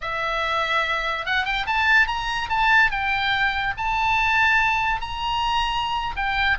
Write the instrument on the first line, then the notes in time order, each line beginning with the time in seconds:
oboe
0.01 E5
1.25 F#5
1.45 G5
1.66 A5
2.07 A#5
2.49 A5
2.90 G5
3.77 A5
5.01 A#5
6.16 G5